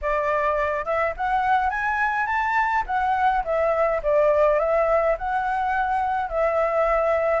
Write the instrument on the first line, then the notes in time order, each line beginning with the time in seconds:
flute
0.01 D5
0.85 E5
1.16 F#5
1.69 G#5
2.26 A5
2.86 F#5
3.44 E5
4.02 D5
4.59 E5
5.18 F#5
6.29 E5